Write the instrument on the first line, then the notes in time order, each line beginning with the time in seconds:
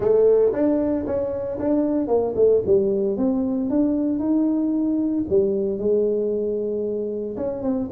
tuba
0.00 A3
0.52 D4
1.06 C#4
1.59 D4
2.07 A#3
2.35 A3
2.66 G3
3.17 C4
3.70 D4
4.19 D#4
5.29 G3
5.78 G#3
7.36 C#4
7.62 C4